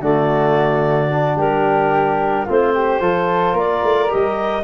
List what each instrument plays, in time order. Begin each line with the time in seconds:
0.00 tuba D3, trombone A3, flute F#4, clarinet D5
1.11 trombone D4
1.36 tuba G3, flute G4, clarinet A#4
2.45 tuba A3, trombone C4, flute F4, clarinet C5
2.75 flute G4
3.01 tuba F3, trombone F4, flute A4
3.53 tuba A#3, flute A#4, clarinet D5
3.84 tuba A3
4.08 tuba G3, trombone G4, clarinet D#5